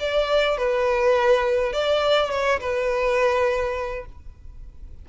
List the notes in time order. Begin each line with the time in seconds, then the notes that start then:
0.00 D5
0.58 B4
1.73 D5
2.31 C#5
2.60 B4